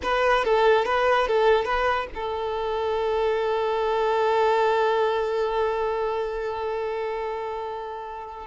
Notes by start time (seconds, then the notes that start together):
0.02 B4
0.44 A4
0.85 B4
1.27 A4
1.65 B4
2.14 A4